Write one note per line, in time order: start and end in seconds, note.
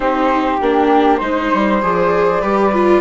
0.00 0.57 C4
0.00 0.61 D#4
0.00 1.19 G4
0.00 0.60 C5
0.61 1.21 A#3
0.61 1.20 D4
0.61 1.17 G4
1.17 1.51 G#3
1.17 1.80 D#4
1.17 1.77 C5
1.17 2.41 C5
1.53 1.83 G3
1.82 2.42 F3
1.82 2.42 G#4
1.82 3.01 D5
2.41 3.01 G3
2.41 2.72 G4
2.41 3.01 B4
2.73 3.01 F4